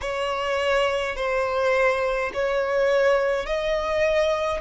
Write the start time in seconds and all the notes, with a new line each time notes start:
0.01 C#5
1.15 C5
2.33 C#5
3.46 D#5